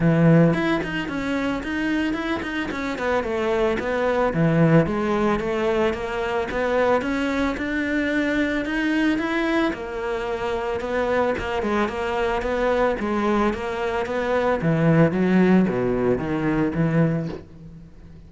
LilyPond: \new Staff \with { instrumentName = "cello" } { \time 4/4 \tempo 4 = 111 e4 e'8 dis'8 cis'4 dis'4 | e'8 dis'8 cis'8 b8 a4 b4 | e4 gis4 a4 ais4 | b4 cis'4 d'2 |
dis'4 e'4 ais2 | b4 ais8 gis8 ais4 b4 | gis4 ais4 b4 e4 | fis4 b,4 dis4 e4 | }